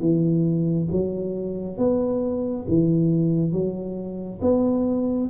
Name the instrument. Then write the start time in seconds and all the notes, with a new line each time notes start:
tuba
0.00 E3
0.92 F#3
1.78 B3
2.68 E3
3.52 F#3
4.42 B3